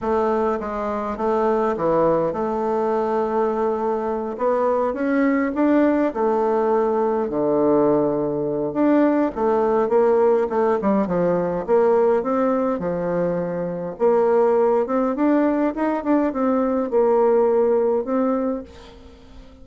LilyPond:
\new Staff \with { instrumentName = "bassoon" } { \time 4/4 \tempo 4 = 103 a4 gis4 a4 e4 | a2.~ a8 b8~ | b8 cis'4 d'4 a4.~ | a8 d2~ d8 d'4 |
a4 ais4 a8 g8 f4 | ais4 c'4 f2 | ais4. c'8 d'4 dis'8 d'8 | c'4 ais2 c'4 | }